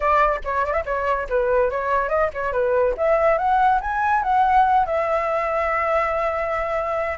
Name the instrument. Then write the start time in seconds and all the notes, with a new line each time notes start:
flute
0.00 D5
0.44 C#5
0.65 D5
0.73 E5
0.85 C#5
1.29 B4
1.70 C#5
2.09 D#5
2.33 C#5
2.52 B4
2.97 E5
3.37 F#5
3.80 G#5
4.23 F#5
4.86 E5